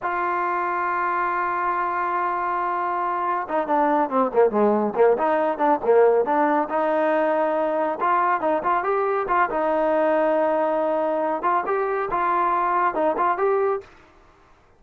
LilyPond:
\new Staff \with { instrumentName = "trombone" } { \time 4/4 \tempo 4 = 139 f'1~ | f'1 | dis'8 d'4 c'8 ais8 gis4 ais8 | dis'4 d'8 ais4 d'4 dis'8~ |
dis'2~ dis'8 f'4 dis'8 | f'8 g'4 f'8 dis'2~ | dis'2~ dis'8 f'8 g'4 | f'2 dis'8 f'8 g'4 | }